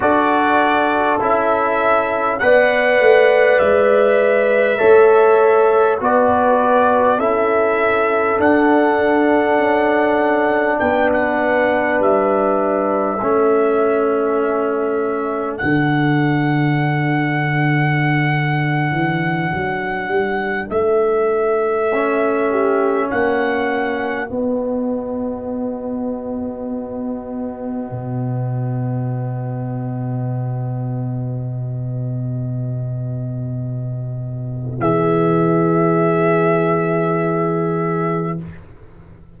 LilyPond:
<<
  \new Staff \with { instrumentName = "trumpet" } { \time 4/4 \tempo 4 = 50 d''4 e''4 fis''4 e''4~ | e''4 d''4 e''4 fis''4~ | fis''4 g''16 fis''8. e''2~ | e''4 fis''2.~ |
fis''4~ fis''16 e''2 fis''8.~ | fis''16 dis''2.~ dis''8.~ | dis''1~ | dis''4 e''2. | }
  \new Staff \with { instrumentName = "horn" } { \time 4/4 a'2 d''2 | cis''4 b'4 a'2~ | a'4 b'2 a'4~ | a'1~ |
a'2~ a'8. g'8 fis'8.~ | fis'1~ | fis'1~ | fis'4 gis'2. | }
  \new Staff \with { instrumentName = "trombone" } { \time 4/4 fis'4 e'4 b'2 | a'4 fis'4 e'4 d'4~ | d'2. cis'4~ | cis'4 d'2.~ |
d'2~ d'16 cis'4.~ cis'16~ | cis'16 b2.~ b8.~ | b1~ | b1 | }
  \new Staff \with { instrumentName = "tuba" } { \time 4/4 d'4 cis'4 b8 a8 gis4 | a4 b4 cis'4 d'4 | cis'4 b4 g4 a4~ | a4 d2~ d8. e16~ |
e16 fis8 g8 a2 ais8.~ | ais16 b2. b,8.~ | b,1~ | b,4 e2. | }
>>